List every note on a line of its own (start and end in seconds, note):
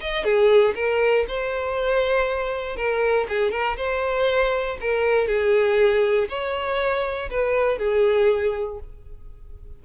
0.00 0.24 D#5
0.24 0.74 G#4
0.75 1.25 A#4
1.28 2.76 C5
2.76 3.27 A#4
3.28 3.51 G#4
3.51 3.76 A#4
3.77 4.77 C5
4.80 5.27 A#4
5.27 6.28 G#4
6.28 7.29 C#5
7.30 7.78 B4
7.78 8.79 G#4